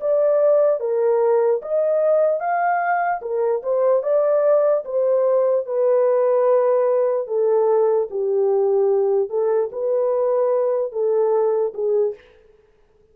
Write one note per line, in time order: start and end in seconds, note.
0.00 0.80 D5
0.80 1.61 A#4
1.62 2.40 D#5
2.40 3.21 F5
3.21 3.62 A#4
3.63 4.02 C5
4.02 4.84 D5
4.85 5.66 C5
5.66 7.27 B4
7.27 8.08 A4
8.10 9.29 G4
9.29 9.70 A4
9.72 10.92 B4
10.92 11.73 A4
11.74 12.14 G#4